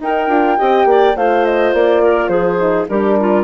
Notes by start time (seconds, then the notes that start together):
0.00 D#4 A#4 G5
0.28 D4 F4
0.58 C4 G4 D#5
0.85 A#3 D5
1.16 A3 F4 C5 F5
1.46 D#5
1.74 A#3 D5
2.03 A#4
2.28 F3 G#4 C5
2.59 D#4
2.89 G3 D4 G4 A#4
3.20 F4